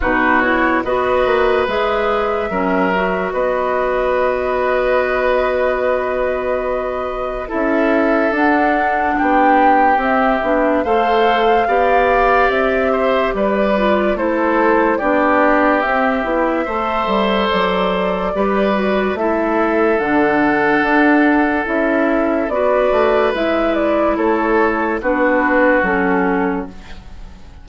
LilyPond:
<<
  \new Staff \with { instrumentName = "flute" } { \time 4/4 \tempo 4 = 72 b'8 cis''8 dis''4 e''2 | dis''1~ | dis''4 e''4 fis''4 g''4 | e''4 f''2 e''4 |
d''4 c''4 d''4 e''4~ | e''4 d''2 e''4 | fis''2 e''4 d''4 | e''8 d''8 cis''4 b'4 a'4 | }
  \new Staff \with { instrumentName = "oboe" } { \time 4/4 fis'4 b'2 ais'4 | b'1~ | b'4 a'2 g'4~ | g'4 c''4 d''4. c''8 |
b'4 a'4 g'2 | c''2 b'4 a'4~ | a'2. b'4~ | b'4 a'4 fis'2 | }
  \new Staff \with { instrumentName = "clarinet" } { \time 4/4 dis'8 e'8 fis'4 gis'4 cis'8 fis'8~ | fis'1~ | fis'4 e'4 d'2 | c'8 d'8 a'4 g'2~ |
g'8 f'8 e'4 d'4 c'8 e'8 | a'2 g'8 fis'8 e'4 | d'2 e'4 fis'4 | e'2 d'4 cis'4 | }
  \new Staff \with { instrumentName = "bassoon" } { \time 4/4 b,4 b8 ais8 gis4 fis4 | b1~ | b4 cis'4 d'4 b4 | c'8 b8 a4 b4 c'4 |
g4 a4 b4 c'8 b8 | a8 g8 fis4 g4 a4 | d4 d'4 cis'4 b8 a8 | gis4 a4 b4 fis4 | }
>>